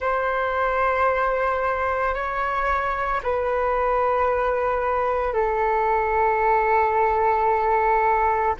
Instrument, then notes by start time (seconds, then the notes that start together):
flute
0.00 C5
2.14 C#5
3.23 B4
5.33 A4